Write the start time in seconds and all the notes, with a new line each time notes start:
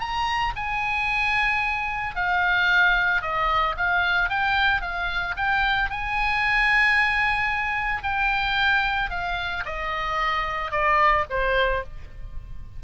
0.00 A#5
0.56 G#5
2.16 F5
3.22 D#5
3.77 F5
4.30 G5
4.81 F5
5.37 G5
5.90 G#5
8.03 G5
9.10 F5
9.66 D#5
10.71 D5
11.30 C5